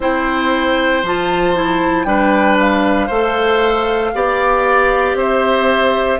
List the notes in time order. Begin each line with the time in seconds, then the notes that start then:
0.00 C4 E4 C5 G5
1.02 F3 F4 A5
1.55 E4
2.04 G3 D4 B4 G5
2.59 F5
3.06 A3 A4 C5
4.14 B3 G4 D5
5.14 C4 C5 E5